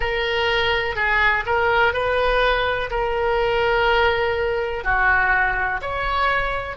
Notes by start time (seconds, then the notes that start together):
0.00 A#4
0.95 G#4
1.46 A#4
1.93 B4
2.90 A#4
4.83 F#4
5.81 C#5